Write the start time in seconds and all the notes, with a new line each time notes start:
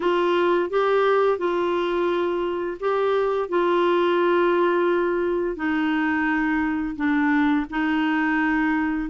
0.00 F4
0.70 G4
1.38 F4
2.80 G4
3.49 F4
5.56 D#4
6.96 D4
7.69 D#4